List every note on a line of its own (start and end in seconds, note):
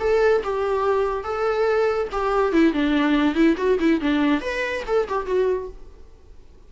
0.00 0.42 A4
0.44 1.24 G4
1.24 2.08 A4
2.12 2.53 G4
2.53 2.73 E4
2.73 3.35 D4
3.35 3.56 E4
3.57 3.78 F#4
3.80 4.01 E4
4.01 4.41 D4
4.41 4.84 B4
4.87 5.08 A4
5.08 5.26 G4
5.26 5.69 F#4